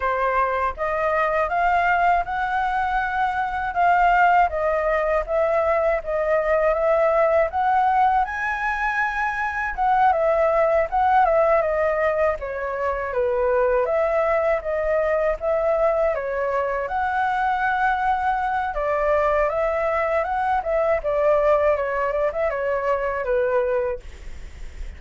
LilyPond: \new Staff \with { instrumentName = "flute" } { \time 4/4 \tempo 4 = 80 c''4 dis''4 f''4 fis''4~ | fis''4 f''4 dis''4 e''4 | dis''4 e''4 fis''4 gis''4~ | gis''4 fis''8 e''4 fis''8 e''8 dis''8~ |
dis''8 cis''4 b'4 e''4 dis''8~ | dis''8 e''4 cis''4 fis''4.~ | fis''4 d''4 e''4 fis''8 e''8 | d''4 cis''8 d''16 e''16 cis''4 b'4 | }